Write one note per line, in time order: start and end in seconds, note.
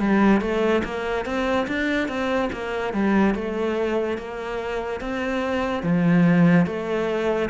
0.00 0.41 G3
0.41 0.83 A3
0.84 1.26 A#3
1.26 1.67 C4
1.68 2.08 D4
2.08 2.50 C4
2.53 2.94 A#3
2.94 3.35 G3
3.35 4.18 A3
4.18 5.01 A#3
5.01 5.84 C4
5.84 6.66 F3
6.66 7.50 A3